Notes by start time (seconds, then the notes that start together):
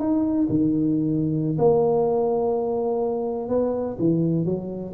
0.00 D#4
0.50 D#3
1.59 A#3
3.49 B3
3.99 E3
4.46 F#3